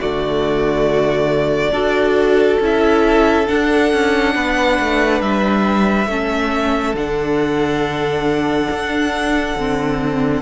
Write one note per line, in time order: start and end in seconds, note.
0.00 1.72 D3
0.00 1.74 A3
0.00 1.73 F#4
0.00 2.61 D5
1.72 2.59 D4
1.72 2.61 F#4
1.72 4.34 A4
2.60 3.47 C#4
2.60 3.47 E4
2.60 3.48 E5
3.47 6.08 D4
3.47 3.93 D4
3.47 5.22 F#5
3.93 4.36 C#4
4.35 4.79 B3
4.35 6.09 B4
4.80 5.21 A3
5.21 6.07 G3
5.21 6.96 E5
6.07 6.94 A3
6.07 6.96 C#4
6.07 10.42 A4
6.94 8.68 D3
6.94 9.58 D4
6.94 10.42 F#5
8.71 9.56 D4
9.56 10.42 D3
9.56 10.42 C4